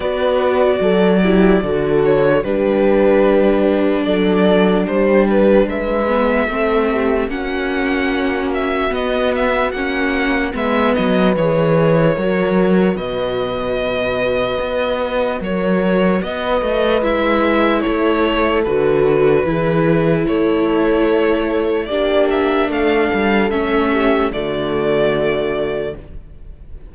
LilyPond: <<
  \new Staff \with { instrumentName = "violin" } { \time 4/4 \tempo 4 = 74 d''2~ d''8 cis''8 b'4~ | b'4 d''4 c''8 b'8 e''4~ | e''4 fis''4. e''8 dis''8 e''8 | fis''4 e''8 dis''8 cis''2 |
dis''2. cis''4 | dis''4 e''4 cis''4 b'4~ | b'4 cis''2 d''8 e''8 | f''4 e''4 d''2 | }
  \new Staff \with { instrumentName = "horn" } { \time 4/4 b'4 a'8 g'8 a'4 g'4~ | g'4 a'4 g'4 b'4 | a'8 g'8 fis'2.~ | fis'4 b'2 ais'4 |
b'2. ais'4 | b'2 a'2 | gis'4 a'2 g'4 | a'4. g'8 fis'2 | }
  \new Staff \with { instrumentName = "viola" } { \time 4/4 fis'4. e'8 fis'4 d'4~ | d'2.~ d'8 b8 | c'4 cis'2 b4 | cis'4 b4 gis'4 fis'4~ |
fis'1~ | fis'4 e'2 fis'4 | e'2. d'4~ | d'4 cis'4 a2 | }
  \new Staff \with { instrumentName = "cello" } { \time 4/4 b4 fis4 d4 g4~ | g4 fis4 g4 gis4 | a4 ais2 b4 | ais4 gis8 fis8 e4 fis4 |
b,2 b4 fis4 | b8 a8 gis4 a4 d4 | e4 a2 ais4 | a8 g8 a4 d2 | }
>>